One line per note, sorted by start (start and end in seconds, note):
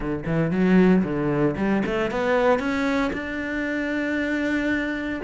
0.00 0.24 D3
0.26 0.51 E3
0.51 1.03 F#3
1.03 1.55 D3
1.57 1.83 G3
1.85 2.10 A3
2.10 2.59 B3
2.59 3.11 C#4
3.12 5.21 D4